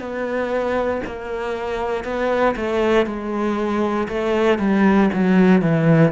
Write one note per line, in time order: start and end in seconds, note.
0.00 1.02 B3
1.06 2.04 A#3
2.04 2.55 B3
2.57 3.06 A3
3.06 4.08 G#3
4.08 4.59 A3
4.59 5.10 G3
5.14 5.62 F#3
5.62 6.12 E3